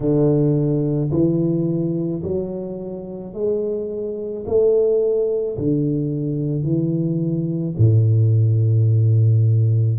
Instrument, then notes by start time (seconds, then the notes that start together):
tuba
0.00 D3
1.11 E3
2.23 F#3
3.33 G#3
4.46 A3
5.57 D3
6.63 E3
7.77 A2